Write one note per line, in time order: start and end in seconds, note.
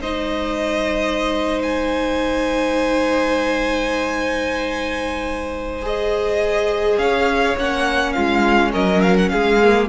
0.00 6.98 G#3
0.00 5.82 D#4
0.00 6.99 C5
0.00 1.62 D#5
1.62 5.84 G#5
5.82 7.57 G#4
5.82 6.98 D#5
6.98 7.56 C#4
6.98 8.15 C#5
6.98 7.56 F5
7.57 8.15 A#3
7.57 9.61 C#4
7.57 8.12 F#5
8.12 8.74 G#3
8.12 8.71 F4
8.12 8.71 F5
8.71 9.32 F#3
8.71 9.30 A#4
8.71 9.01 D#5
9.01 9.16 F5
9.17 9.29 F#5
9.29 9.88 G#3
9.29 9.88 G#4
9.29 9.87 F5
9.62 9.88 A#3